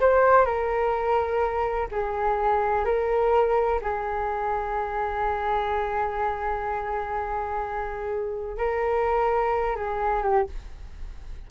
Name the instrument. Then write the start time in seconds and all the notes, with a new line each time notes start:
flute
0.00 C5
0.45 A#4
1.91 G#4
2.85 A#4
3.81 G#4
8.57 A#4
9.76 G#4
10.23 G4